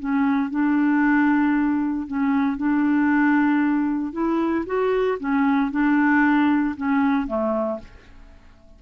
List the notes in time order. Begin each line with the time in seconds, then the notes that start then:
0.00 C#4
0.51 D4
2.08 C#4
2.58 D4
4.13 E4
4.66 F#4
5.20 C#4
5.72 D4
6.77 C#4
7.28 A3